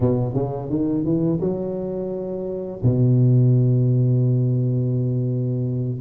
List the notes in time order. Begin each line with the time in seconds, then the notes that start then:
0.00 B2
0.33 C#3
0.69 D#3
1.04 E3
1.40 F#3
2.82 B2